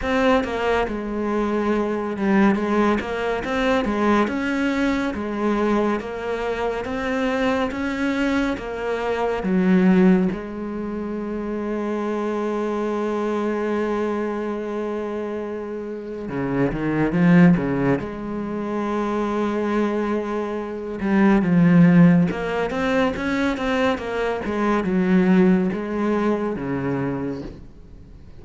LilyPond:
\new Staff \with { instrumentName = "cello" } { \time 4/4 \tempo 4 = 70 c'8 ais8 gis4. g8 gis8 ais8 | c'8 gis8 cis'4 gis4 ais4 | c'4 cis'4 ais4 fis4 | gis1~ |
gis2. cis8 dis8 | f8 cis8 gis2.~ | gis8 g8 f4 ais8 c'8 cis'8 c'8 | ais8 gis8 fis4 gis4 cis4 | }